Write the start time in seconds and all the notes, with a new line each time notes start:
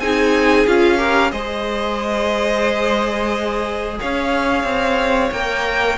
0.00 C4 D#4 G#4 G#5
0.67 C#4 F4 F5
0.98 G4 A#4
1.31 G#3 G#4 C5 D#5
4.01 C#4 C#5 F5
4.64 C4
5.32 A#3 A#4 G5